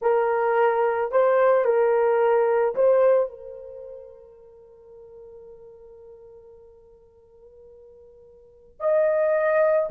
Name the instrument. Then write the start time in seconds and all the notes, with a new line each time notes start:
horn
0.01 A#4
1.11 C5
1.64 A#4
2.75 C5
3.29 A#4
8.79 D#5